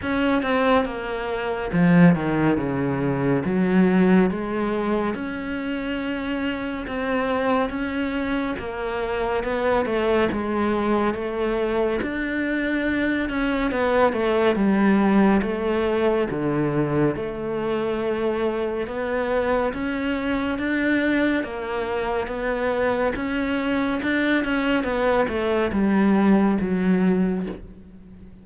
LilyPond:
\new Staff \with { instrumentName = "cello" } { \time 4/4 \tempo 4 = 70 cis'8 c'8 ais4 f8 dis8 cis4 | fis4 gis4 cis'2 | c'4 cis'4 ais4 b8 a8 | gis4 a4 d'4. cis'8 |
b8 a8 g4 a4 d4 | a2 b4 cis'4 | d'4 ais4 b4 cis'4 | d'8 cis'8 b8 a8 g4 fis4 | }